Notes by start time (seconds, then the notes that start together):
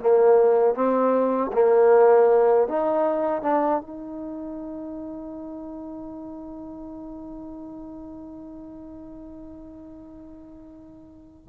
0.00 A#3
0.74 C4
1.52 A#3
2.68 D#4
3.42 D4
3.81 D#4